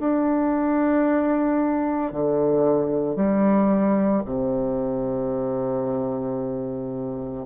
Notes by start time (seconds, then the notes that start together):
0.00 D4
2.12 D3
3.16 G3
4.25 C3